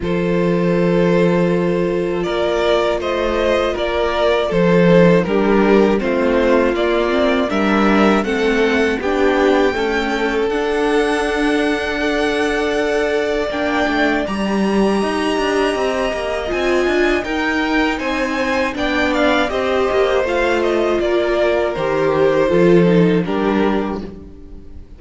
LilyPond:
<<
  \new Staff \with { instrumentName = "violin" } { \time 4/4 \tempo 4 = 80 c''2. d''4 | dis''4 d''4 c''4 ais'4 | c''4 d''4 e''4 fis''4 | g''2 fis''2~ |
fis''2 g''4 ais''4~ | ais''2 gis''4 g''4 | gis''4 g''8 f''8 dis''4 f''8 dis''8 | d''4 c''2 ais'4 | }
  \new Staff \with { instrumentName = "violin" } { \time 4/4 a'2. ais'4 | c''4 ais'4 a'4 g'4 | f'2 ais'4 a'4 | g'4 a'2. |
d''1 | dis''2. ais'4 | c''4 d''4 c''2 | ais'2 a'4 g'4 | }
  \new Staff \with { instrumentName = "viola" } { \time 4/4 f'1~ | f'2~ f'8 dis'8 d'4 | c'4 ais8 c'8 d'4 c'4 | d'4 a4 d'2 |
a'2 d'4 g'4~ | g'2 f'4 dis'4~ | dis'4 d'4 g'4 f'4~ | f'4 g'4 f'8 dis'8 d'4 | }
  \new Staff \with { instrumentName = "cello" } { \time 4/4 f2. ais4 | a4 ais4 f4 g4 | a4 ais4 g4 a4 | b4 cis'4 d'2~ |
d'2 ais8 a8 g4 | dis'8 d'8 c'8 ais8 c'8 d'8 dis'4 | c'4 b4 c'8 ais8 a4 | ais4 dis4 f4 g4 | }
>>